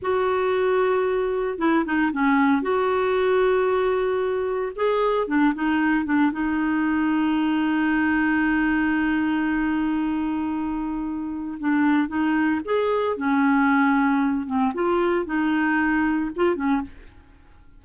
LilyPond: \new Staff \with { instrumentName = "clarinet" } { \time 4/4 \tempo 4 = 114 fis'2. e'8 dis'8 | cis'4 fis'2.~ | fis'4 gis'4 d'8 dis'4 d'8 | dis'1~ |
dis'1~ | dis'2 d'4 dis'4 | gis'4 cis'2~ cis'8 c'8 | f'4 dis'2 f'8 cis'8 | }